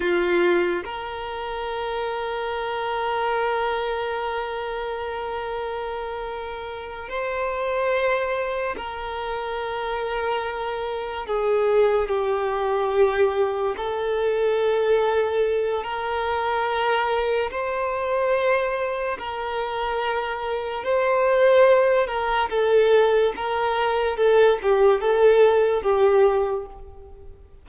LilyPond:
\new Staff \with { instrumentName = "violin" } { \time 4/4 \tempo 4 = 72 f'4 ais'2.~ | ais'1~ | ais'8 c''2 ais'4.~ | ais'4. gis'4 g'4.~ |
g'8 a'2~ a'8 ais'4~ | ais'4 c''2 ais'4~ | ais'4 c''4. ais'8 a'4 | ais'4 a'8 g'8 a'4 g'4 | }